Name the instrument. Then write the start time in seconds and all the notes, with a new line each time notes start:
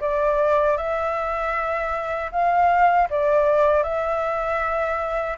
flute
0.00 D5
0.77 E5
2.31 F5
3.10 D5
3.83 E5